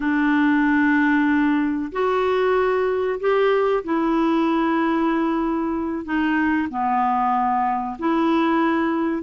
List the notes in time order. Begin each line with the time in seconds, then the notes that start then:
0.00 D4
1.91 F#4
3.19 G4
3.84 E4
6.04 D#4
6.69 B3
7.98 E4